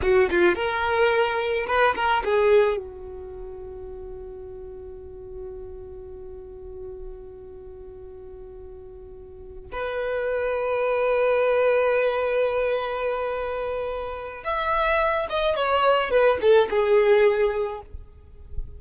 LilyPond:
\new Staff \with { instrumentName = "violin" } { \time 4/4 \tempo 4 = 108 fis'8 f'8 ais'2 b'8 ais'8 | gis'4 fis'2.~ | fis'1~ | fis'1~ |
fis'4. b'2~ b'8~ | b'1~ | b'2 e''4. dis''8 | cis''4 b'8 a'8 gis'2 | }